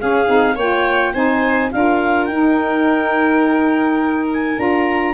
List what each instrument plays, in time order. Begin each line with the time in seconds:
0.00 saxophone C#4, tuba C#4, violin G#4, clarinet F5
0.27 tuba C4, saxophone D#4
0.55 tuba A#3, saxophone F4, violin C#5, clarinet G5
1.13 tuba C4, saxophone D#4, violin C5, clarinet G#5
1.71 tuba D4, saxophone F4, violin A#4, clarinet F5
2.25 tuba D#4, saxophone D#4, clarinet G5
4.33 clarinet G#5
4.56 tuba D4, saxophone F4, clarinet A#5